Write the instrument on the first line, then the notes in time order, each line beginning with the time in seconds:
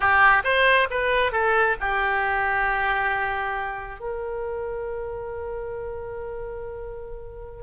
oboe
0.00 G4
0.44 C5
0.90 B4
1.32 A4
1.80 G4
3.99 A#4